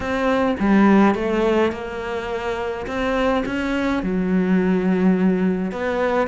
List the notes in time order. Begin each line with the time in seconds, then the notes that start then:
0.00 C4
0.59 G3
1.15 A3
1.72 A#3
2.86 C4
3.45 C#4
4.03 F#3
5.71 B3